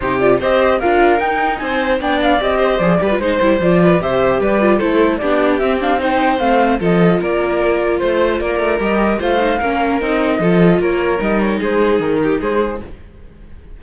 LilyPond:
<<
  \new Staff \with { instrumentName = "flute" } { \time 4/4 \tempo 4 = 150 c''8 d''8 dis''4 f''4 g''4 | gis''4 g''8 f''8 dis''4 d''4 | c''4 d''4 e''4 d''4 | c''4 d''4 e''8 f''8 g''4 |
f''4 dis''4 d''2 | c''4 d''4 dis''4 f''4~ | f''4 dis''2 cis''4 | dis''8 cis''8 c''4 ais'4 c''4 | }
  \new Staff \with { instrumentName = "violin" } { \time 4/4 g'4 c''4 ais'2 | c''4 d''4. c''4 b'8 | c''4. b'8 c''4 b'4 | a'4 g'2 c''4~ |
c''4 a'4 ais'2 | c''4 ais'2 c''4 | ais'2 a'4 ais'4~ | ais'4 gis'4. g'8 gis'4 | }
  \new Staff \with { instrumentName = "viola" } { \time 4/4 dis'8 f'8 g'4 f'4 dis'4~ | dis'4 d'4 g'4 gis'8 g'16 f'16 | dis'8 e'8 f'4 g'4. f'8 | e'4 d'4 c'8 d'8 dis'4 |
c'4 f'2.~ | f'2 g'4 f'8 dis'8 | cis'4 dis'4 f'2 | dis'1 | }
  \new Staff \with { instrumentName = "cello" } { \time 4/4 c4 c'4 d'4 dis'4 | c'4 b4 c'4 f8 g8 | gis8 g8 f4 c4 g4 | a4 b4 c'2 |
a4 f4 ais2 | a4 ais8 a8 g4 a4 | ais4 c'4 f4 ais4 | g4 gis4 dis4 gis4 | }
>>